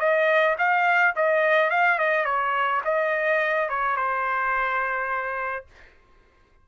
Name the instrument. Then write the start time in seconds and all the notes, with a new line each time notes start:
trumpet
0.00 D#5
0.58 F5
1.16 D#5
1.71 F5
1.99 D#5
2.25 C#5
2.85 D#5
3.69 C#5
3.96 C5